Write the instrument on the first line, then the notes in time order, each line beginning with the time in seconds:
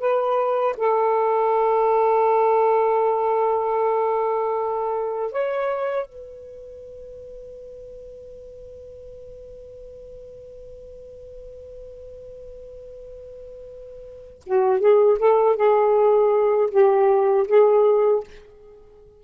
saxophone
0.00 B4
0.77 A4
5.32 C#5
6.07 B4
14.46 F#4
14.81 G#4
15.19 A4
15.57 G#4
16.71 G4
17.48 G#4